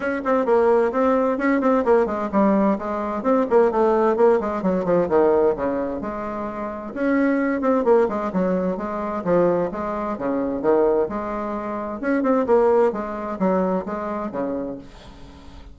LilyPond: \new Staff \with { instrumentName = "bassoon" } { \time 4/4 \tempo 4 = 130 cis'8 c'8 ais4 c'4 cis'8 c'8 | ais8 gis8 g4 gis4 c'8 ais8 | a4 ais8 gis8 fis8 f8 dis4 | cis4 gis2 cis'4~ |
cis'8 c'8 ais8 gis8 fis4 gis4 | f4 gis4 cis4 dis4 | gis2 cis'8 c'8 ais4 | gis4 fis4 gis4 cis4 | }